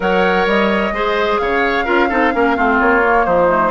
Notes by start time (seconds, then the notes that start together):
0.00 F#3 A#4 C#5 F#5
0.46 G3 D#5
0.91 G#3 G#4 C5
1.38 C#3 C#5 F5
1.84 C#4 F4 A#4
2.09 C4 D#4 A4
2.32 A#3 C#4 A#4
2.55 A3 C4 F4
2.80 A#3 C#5
3.02 A#3
3.25 F3 D#4 C5
3.48 A3